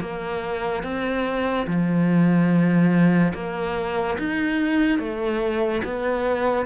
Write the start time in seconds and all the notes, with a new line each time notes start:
0.00 A#3
0.83 C4
1.66 F3
3.34 A#3
4.18 D#4
4.98 A3
5.83 B3